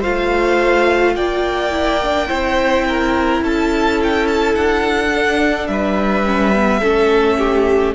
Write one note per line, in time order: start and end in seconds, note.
0.00 1.16 A3
0.00 1.71 F4
0.00 1.13 C5
0.00 1.15 F5
1.15 2.29 A#3
1.15 2.28 D5
1.15 3.42 G5
1.71 1.99 E4
2.02 2.27 D4
2.27 3.41 C4
2.27 5.10 E4
2.27 2.84 C5
2.88 3.43 A#4
3.41 4.54 C#4
3.41 5.70 A4
3.41 4.01 A5
4.03 4.27 G5
4.27 4.55 A5
4.55 5.68 D4
4.55 5.67 F#5
5.14 6.25 D4
5.67 6.81 G3
5.67 6.80 B4
5.67 7.93 E5
6.25 6.53 C#4
6.54 6.82 B3
6.80 7.95 A3
6.80 7.95 C#4
6.80 7.37 A4
7.37 7.94 G4